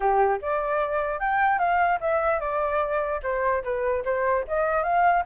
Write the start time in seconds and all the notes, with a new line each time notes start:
0.00 G4
0.41 D5
1.19 G5
1.58 F5
2.00 E5
2.39 D5
3.22 C5
3.63 B4
4.04 C5
4.47 D#5
4.83 F5